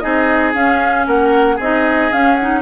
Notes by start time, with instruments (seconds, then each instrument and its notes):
0.00 bassoon C4, clarinet D#4, oboe G#4, flute D#5
0.54 clarinet C#4, bassoon C#4, flute F5
1.07 bassoon A#3, oboe A#4, flute F#5
1.56 bassoon C4, oboe G#4, flute D#5
1.63 clarinet D#4
2.13 clarinet C#4, bassoon C#4, flute F5
2.35 flute F#5
2.41 clarinet D#4